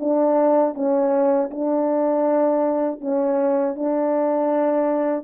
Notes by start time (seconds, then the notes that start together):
0.00 D4
0.75 C#4
1.50 D4
3.01 C#4
3.75 D4